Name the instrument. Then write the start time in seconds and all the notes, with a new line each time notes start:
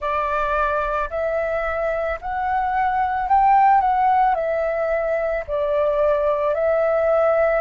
flute
0.00 D5
1.10 E5
2.21 F#5
3.28 G5
3.80 F#5
4.34 E5
5.47 D5
6.54 E5